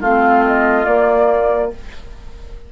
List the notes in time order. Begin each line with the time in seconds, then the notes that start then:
0.00 A3 C4 F4 F5
0.47 D#5
0.85 A#3 D5